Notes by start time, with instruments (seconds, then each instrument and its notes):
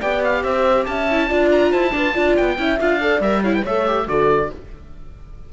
0.00 cello B3, viola G4, horn D5, oboe G5
0.24 oboe F5
0.44 cello C4, horn C5, oboe E5
0.85 cello C#4, horn E5, oboe A5
1.11 viola E4
1.29 cello D4, viola F4, horn D5
1.52 oboe A#5
1.71 cello E4, horn C5, oboe A5
1.91 viola D4, cello F4, horn B4
2.14 cello D4, viola F4, horn D5
2.37 cello B3, oboe G5
2.58 cello C#4, viola E4, horn E5
2.80 cello D4, viola F4, oboe F5
3.01 viola A4, horn D5
3.20 cello G3, viola A#4, oboe E5
3.42 viola E4, horn C#5, oboe F5
3.54 horn B4, oboe G5
3.62 cello A3, viola A4, horn C#5, oboe E5
3.87 viola G4
4.07 cello D3, viola F#4, horn A4, oboe D5